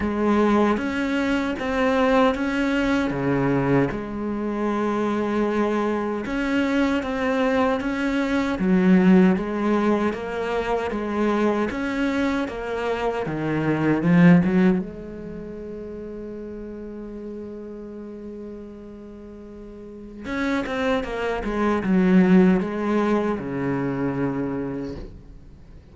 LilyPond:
\new Staff \with { instrumentName = "cello" } { \time 4/4 \tempo 4 = 77 gis4 cis'4 c'4 cis'4 | cis4 gis2. | cis'4 c'4 cis'4 fis4 | gis4 ais4 gis4 cis'4 |
ais4 dis4 f8 fis8 gis4~ | gis1~ | gis2 cis'8 c'8 ais8 gis8 | fis4 gis4 cis2 | }